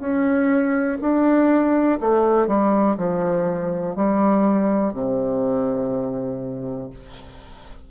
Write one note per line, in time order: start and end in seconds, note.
0.00 0.98 C#4
1.01 2.00 D4
2.01 2.48 A3
2.48 2.97 G3
2.98 3.96 F3
3.96 4.94 G3
4.94 6.90 C3